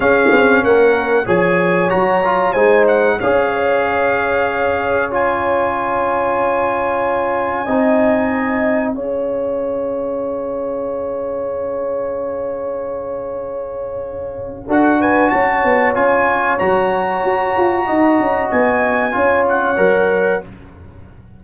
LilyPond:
<<
  \new Staff \with { instrumentName = "trumpet" } { \time 4/4 \tempo 4 = 94 f''4 fis''4 gis''4 ais''4 | gis''8 fis''8 f''2. | gis''1~ | gis''2 f''2~ |
f''1~ | f''2. fis''8 gis''8 | a''4 gis''4 ais''2~ | ais''4 gis''4. fis''4. | }
  \new Staff \with { instrumentName = "horn" } { \time 4/4 gis'4 ais'4 cis''2 | c''4 cis''2.~ | cis''1 | dis''2 cis''2~ |
cis''1~ | cis''2. a'8 b'8 | cis''1 | dis''2 cis''2 | }
  \new Staff \with { instrumentName = "trombone" } { \time 4/4 cis'2 gis'4 fis'8 f'8 | dis'4 gis'2. | f'1 | dis'2 gis'2~ |
gis'1~ | gis'2. fis'4~ | fis'4 f'4 fis'2~ | fis'2 f'4 ais'4 | }
  \new Staff \with { instrumentName = "tuba" } { \time 4/4 cis'8 c'8 ais4 f4 fis4 | gis4 cis'2.~ | cis'1 | c'2 cis'2~ |
cis'1~ | cis'2. d'4 | cis'8 b8 cis'4 fis4 fis'8 f'8 | dis'8 cis'8 b4 cis'4 fis4 | }
>>